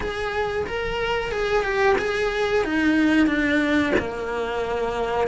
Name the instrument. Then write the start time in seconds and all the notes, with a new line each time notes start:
cello
0.00 G#4
0.67 A#4
1.31 G#4
1.63 G4
1.98 G#4
2.64 D#4
3.26 D4
3.98 A#3